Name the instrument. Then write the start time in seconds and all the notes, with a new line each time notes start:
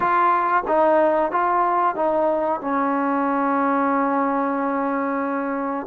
trombone
0.00 F4
0.67 D#4
1.31 F4
1.95 D#4
2.60 C#4